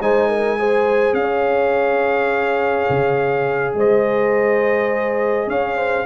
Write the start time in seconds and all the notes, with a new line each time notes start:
0.00 G#3 D#4 C5 G#5
0.29 A#4
0.59 G#4 C5
1.13 C#4 F5
1.21 C#5
2.89 C#3
3.74 G#3 C5 D#5
5.47 C#4 C#5 F5
5.77 C5